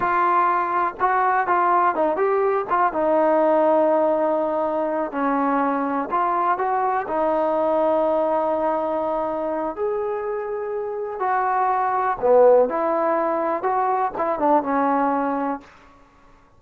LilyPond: \new Staff \with { instrumentName = "trombone" } { \time 4/4 \tempo 4 = 123 f'2 fis'4 f'4 | dis'8 g'4 f'8 dis'2~ | dis'2~ dis'8 cis'4.~ | cis'8 f'4 fis'4 dis'4.~ |
dis'1 | gis'2. fis'4~ | fis'4 b4 e'2 | fis'4 e'8 d'8 cis'2 | }